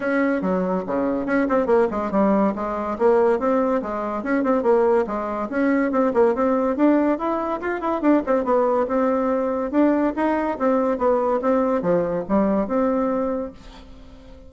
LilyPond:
\new Staff \with { instrumentName = "bassoon" } { \time 4/4 \tempo 4 = 142 cis'4 fis4 cis4 cis'8 c'8 | ais8 gis8 g4 gis4 ais4 | c'4 gis4 cis'8 c'8 ais4 | gis4 cis'4 c'8 ais8 c'4 |
d'4 e'4 f'8 e'8 d'8 c'8 | b4 c'2 d'4 | dis'4 c'4 b4 c'4 | f4 g4 c'2 | }